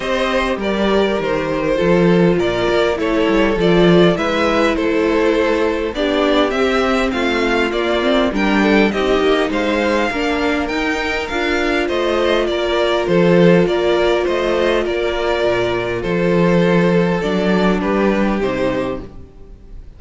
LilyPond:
<<
  \new Staff \with { instrumentName = "violin" } { \time 4/4 \tempo 4 = 101 dis''4 d''4 c''2 | d''4 cis''4 d''4 e''4 | c''2 d''4 e''4 | f''4 d''4 g''4 dis''4 |
f''2 g''4 f''4 | dis''4 d''4 c''4 d''4 | dis''4 d''2 c''4~ | c''4 d''4 b'4 c''4 | }
  \new Staff \with { instrumentName = "violin" } { \time 4/4 c''4 ais'2 a'4 | ais'4 a'2 b'4 | a'2 g'2 | f'2 ais'8 a'8 g'4 |
c''4 ais'2. | c''4 ais'4 a'4 ais'4 | c''4 ais'2 a'4~ | a'2 g'2 | }
  \new Staff \with { instrumentName = "viola" } { \time 4/4 g'2. f'4~ | f'4 e'4 f'4 e'4~ | e'2 d'4 c'4~ | c'4 ais8 c'8 d'4 dis'4~ |
dis'4 d'4 dis'4 f'4~ | f'1~ | f'1~ | f'4 d'2 dis'4 | }
  \new Staff \with { instrumentName = "cello" } { \time 4/4 c'4 g4 dis4 f4 | ais,8 ais8 a8 g8 f4 gis4 | a2 b4 c'4 | a4 ais4 g4 c'8 ais8 |
gis4 ais4 dis'4 d'4 | a4 ais4 f4 ais4 | a4 ais4 ais,4 f4~ | f4 fis4 g4 c4 | }
>>